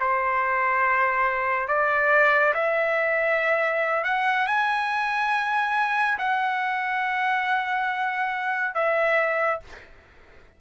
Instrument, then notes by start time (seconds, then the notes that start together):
trumpet
0.00 C5
1.68 D5
2.54 E5
4.04 F#5
4.47 G#5
6.19 F#5
8.75 E5